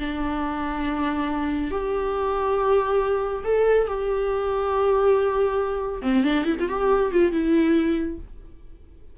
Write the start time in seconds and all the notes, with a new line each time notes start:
0.00 D4
1.71 G4
3.45 A4
3.88 G4
6.03 C4
6.24 D4
6.46 E4
6.60 F4
6.69 G4
7.12 F4
7.32 E4